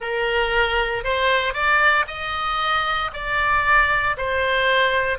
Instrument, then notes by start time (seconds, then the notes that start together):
oboe
0.00 A#4
1.03 C5
1.53 D5
2.07 D#5
3.13 D5
4.17 C5